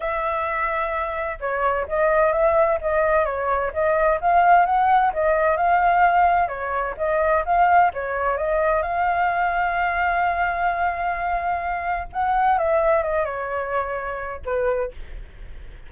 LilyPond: \new Staff \with { instrumentName = "flute" } { \time 4/4 \tempo 4 = 129 e''2. cis''4 | dis''4 e''4 dis''4 cis''4 | dis''4 f''4 fis''4 dis''4 | f''2 cis''4 dis''4 |
f''4 cis''4 dis''4 f''4~ | f''1~ | f''2 fis''4 e''4 | dis''8 cis''2~ cis''8 b'4 | }